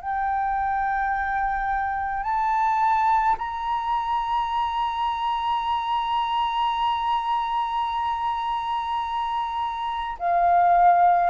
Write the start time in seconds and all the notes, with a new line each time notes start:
0.00 G5
2.23 A5
3.38 A#5
10.19 F5